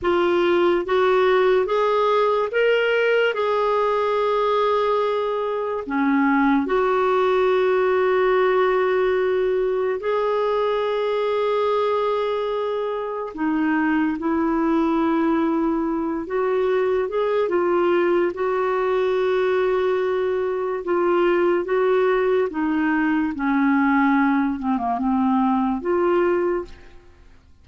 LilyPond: \new Staff \with { instrumentName = "clarinet" } { \time 4/4 \tempo 4 = 72 f'4 fis'4 gis'4 ais'4 | gis'2. cis'4 | fis'1 | gis'1 |
dis'4 e'2~ e'8 fis'8~ | fis'8 gis'8 f'4 fis'2~ | fis'4 f'4 fis'4 dis'4 | cis'4. c'16 ais16 c'4 f'4 | }